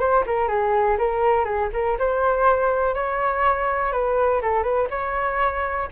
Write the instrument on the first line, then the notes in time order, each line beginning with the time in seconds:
flute
0.00 C5
0.26 A#4
0.49 G#4
0.99 A#4
1.45 G#4
1.73 A#4
1.99 C5
2.95 C#5
3.92 B4
4.42 A4
4.63 B4
4.90 C#5